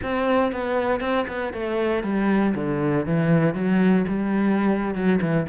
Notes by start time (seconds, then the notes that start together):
0.03 C4
0.52 B3
1.00 C4
1.27 B3
1.53 A3
2.03 G3
2.54 D3
3.06 E3
3.54 F#3
4.07 G3
4.94 F#3
5.21 E3